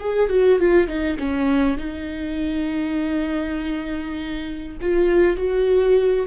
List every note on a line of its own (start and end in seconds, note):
0.00 0.29 G#4
0.29 0.59 F#4
0.59 0.88 F4
0.88 1.18 D#4
1.19 1.78 C#4
1.78 4.78 D#4
4.81 5.37 F4
5.37 6.27 F#4